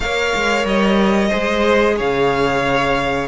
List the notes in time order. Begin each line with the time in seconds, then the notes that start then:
0.00 A#3 A#4 C#5 F5
0.35 G#3
0.65 G3 D#5
1.29 G#3 G#4 C5
1.96 C#3 C#5 F5